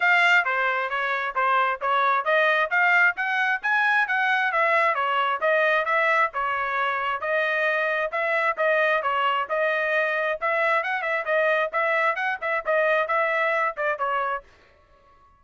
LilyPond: \new Staff \with { instrumentName = "trumpet" } { \time 4/4 \tempo 4 = 133 f''4 c''4 cis''4 c''4 | cis''4 dis''4 f''4 fis''4 | gis''4 fis''4 e''4 cis''4 | dis''4 e''4 cis''2 |
dis''2 e''4 dis''4 | cis''4 dis''2 e''4 | fis''8 e''8 dis''4 e''4 fis''8 e''8 | dis''4 e''4. d''8 cis''4 | }